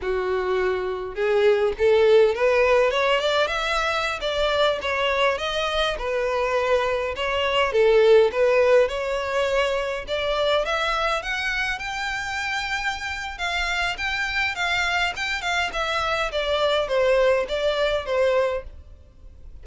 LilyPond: \new Staff \with { instrumentName = "violin" } { \time 4/4 \tempo 4 = 103 fis'2 gis'4 a'4 | b'4 cis''8 d''8 e''4~ e''16 d''8.~ | d''16 cis''4 dis''4 b'4.~ b'16~ | b'16 cis''4 a'4 b'4 cis''8.~ |
cis''4~ cis''16 d''4 e''4 fis''8.~ | fis''16 g''2~ g''8. f''4 | g''4 f''4 g''8 f''8 e''4 | d''4 c''4 d''4 c''4 | }